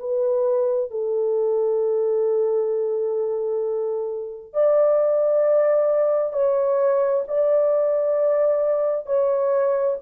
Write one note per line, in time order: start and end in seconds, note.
0.00 0.91 B4
0.91 4.54 A4
4.54 6.33 D5
6.33 7.24 C#5
7.28 9.07 D5
9.07 9.98 C#5